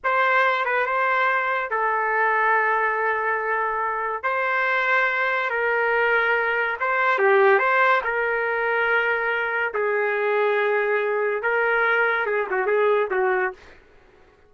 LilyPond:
\new Staff \with { instrumentName = "trumpet" } { \time 4/4 \tempo 4 = 142 c''4. b'8 c''2 | a'1~ | a'2 c''2~ | c''4 ais'2. |
c''4 g'4 c''4 ais'4~ | ais'2. gis'4~ | gis'2. ais'4~ | ais'4 gis'8 fis'8 gis'4 fis'4 | }